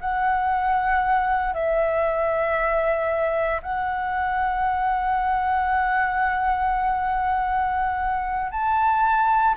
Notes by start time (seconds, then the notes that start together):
0.00 F#5
1.54 E5
3.63 F#5
8.52 A5